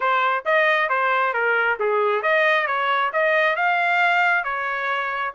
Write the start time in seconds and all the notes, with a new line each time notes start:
0.00 C5
0.45 D#5
0.89 C5
1.33 A#4
1.79 G#4
2.22 D#5
2.66 C#5
3.13 D#5
3.56 F5
4.44 C#5